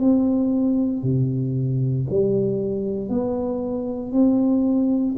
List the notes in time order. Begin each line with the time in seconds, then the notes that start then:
0.00 C4
1.03 C3
2.10 G3
3.09 B3
4.12 C4